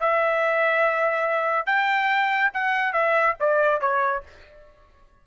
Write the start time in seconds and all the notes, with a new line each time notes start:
0.00 E5
1.66 G5
2.54 F#5
2.93 E5
3.40 D5
3.81 C#5